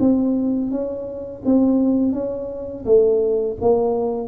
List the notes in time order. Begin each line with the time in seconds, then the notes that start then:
0.00 C4
0.71 C#4
1.45 C4
2.13 C#4
2.85 A3
3.61 A#3